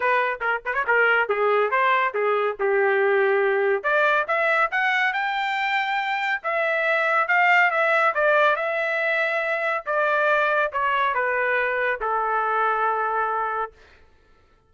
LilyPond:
\new Staff \with { instrumentName = "trumpet" } { \time 4/4 \tempo 4 = 140 b'4 ais'8 b'16 cis''16 ais'4 gis'4 | c''4 gis'4 g'2~ | g'4 d''4 e''4 fis''4 | g''2. e''4~ |
e''4 f''4 e''4 d''4 | e''2. d''4~ | d''4 cis''4 b'2 | a'1 | }